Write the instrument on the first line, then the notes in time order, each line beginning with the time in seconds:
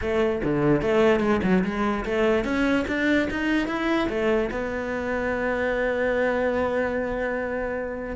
cello
0.01 A3
0.43 D3
0.81 A3
1.20 G#3
1.43 F#3
1.63 G#3
2.05 A3
2.44 C#4
2.87 D4
3.30 D#4
3.67 E4
4.09 A3
4.51 B3